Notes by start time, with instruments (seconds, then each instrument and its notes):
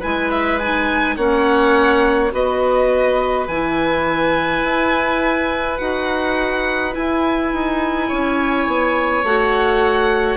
0.00 bassoon G#3, clarinet E4, oboe B4, violin G#5
0.31 violin E5
0.60 clarinet D#4, violin G#5
1.17 bassoon A#3, clarinet C#4, oboe C#5, violin F#5
2.31 bassoon B3, clarinet F#4, oboe B4, violin D#5
3.48 bassoon E3, clarinet E4, violin G#5
4.64 bassoon E4
5.78 bassoon D#4, clarinet F#4, violin F#5
6.93 clarinet E4, bassoon E4, violin G#5
7.53 bassoon D#4
8.09 bassoon C#4, oboe C#5
8.68 bassoon B3
9.24 bassoon A3, clarinet F#4, violin F#5